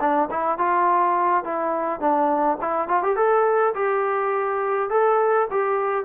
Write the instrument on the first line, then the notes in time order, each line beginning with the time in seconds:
trombone
0.00 D4
0.30 E4
0.58 F4
1.44 E4
2.00 D4
2.61 E4
2.88 F4
3.03 G4
3.16 A4
3.75 G4
4.90 A4
5.51 G4